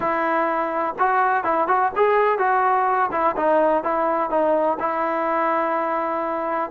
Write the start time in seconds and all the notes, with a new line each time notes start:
0.00 E4
0.98 F#4
1.44 E4
1.67 F#4
1.95 G#4
2.38 F#4
3.11 E4
3.36 D#4
3.83 E4
4.30 D#4
4.79 E4